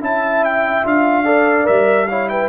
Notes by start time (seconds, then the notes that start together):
0.00 C#4 E4 E5 A5
0.44 G5
0.83 D4 F4 F5
1.24 A4 D5
1.64 G3 A#4 E5
2.07 E4 C#5 F5
2.28 B4 G5